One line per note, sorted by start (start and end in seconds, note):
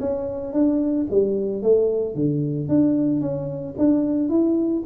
0.00 0.53 C#4
0.53 1.07 D4
1.11 1.63 G3
1.63 2.15 A3
2.15 2.68 D3
2.68 3.21 D4
3.21 3.75 C#4
3.78 4.29 D4
4.29 4.84 E4